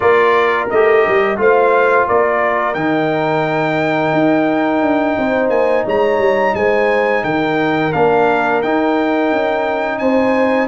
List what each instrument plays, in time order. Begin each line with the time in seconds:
0.00 tuba A#3, trombone F4, horn A#4, trumpet D5
0.70 tuba A3, trombone G4, trumpet D#5
1.06 tuba G3
1.36 tuba A3, trombone F4, horn C5, trumpet F5
2.08 tuba A#3, horn A#4, trumpet D5
2.73 tuba D#3, trombone D#4, trumpet G5
4.12 tuba D#4
4.81 tuba D4
5.17 tuba C4, horn C5
5.49 tuba A#3, trumpet G#5
5.85 tuba G#3, horn C#5, trumpet A#5
6.18 tuba G3
6.54 tuba G#3, horn C5, trumpet G#5
7.24 tuba D#3, horn A#4, trumpet G5
7.92 tuba A#3, trombone D4, trumpet F5
8.62 tuba D#4, trombone D#4, trumpet G5
9.32 tuba C#4
9.98 tuba C4, horn C5, trumpet G#5